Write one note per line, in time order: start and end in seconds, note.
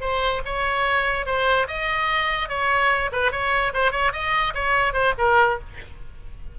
0.00 0.41 C5
0.45 1.26 C#5
1.26 1.67 C5
1.67 2.48 D#5
2.48 3.10 C#5
3.12 3.31 B4
3.31 3.72 C#5
3.73 3.91 C5
3.91 4.12 C#5
4.12 4.53 D#5
4.54 4.93 C#5
4.93 5.13 C5
5.18 5.59 A#4